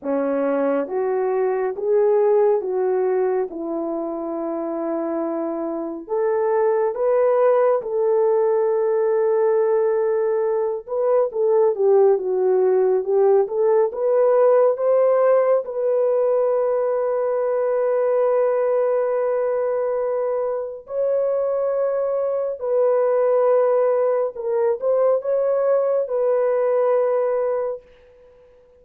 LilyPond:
\new Staff \with { instrumentName = "horn" } { \time 4/4 \tempo 4 = 69 cis'4 fis'4 gis'4 fis'4 | e'2. a'4 | b'4 a'2.~ | a'8 b'8 a'8 g'8 fis'4 g'8 a'8 |
b'4 c''4 b'2~ | b'1 | cis''2 b'2 | ais'8 c''8 cis''4 b'2 | }